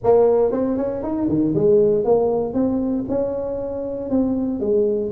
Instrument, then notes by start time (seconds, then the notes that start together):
tuba
0.03 A#3
0.51 C4
0.77 C#4
1.02 D#4
1.28 D#3
1.54 G#3
2.04 A#3
2.53 C4
3.08 C#4
4.10 C4
4.59 G#3